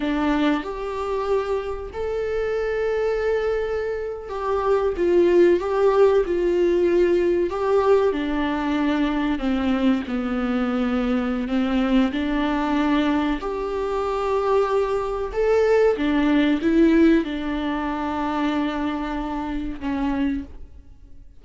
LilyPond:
\new Staff \with { instrumentName = "viola" } { \time 4/4 \tempo 4 = 94 d'4 g'2 a'4~ | a'2~ a'8. g'4 f'16~ | f'8. g'4 f'2 g'16~ | g'8. d'2 c'4 b16~ |
b2 c'4 d'4~ | d'4 g'2. | a'4 d'4 e'4 d'4~ | d'2. cis'4 | }